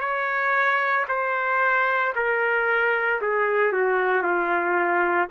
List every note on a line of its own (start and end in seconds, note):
0.00 1.05 C#5
1.08 2.13 C5
2.15 3.21 A#4
3.22 3.72 G#4
3.72 4.22 F#4
4.22 5.28 F4